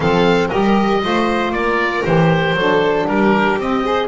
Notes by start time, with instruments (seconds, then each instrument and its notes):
0.00 double bass F3, saxophone C4, violin A4, oboe F5
0.47 double bass G3, saxophone G4, violin A#4, oboe D#5
1.01 double bass A3, saxophone F4, violin C5
1.50 double bass A#3, violin A#4, oboe D5
2.04 double bass E3, saxophone G4, oboe C5
2.53 double bass F#3, saxophone D4, violin A4
3.07 double bass G3, violin G4, oboe A#4
3.57 double bass C4, saxophone C4, oboe D#5
3.84 saxophone G#4, violin C5